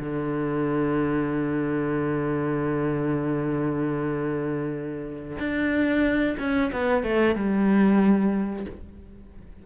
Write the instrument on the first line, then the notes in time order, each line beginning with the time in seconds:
cello
0.00 D3
5.39 D4
6.39 C#4
6.73 B3
7.03 A3
7.35 G3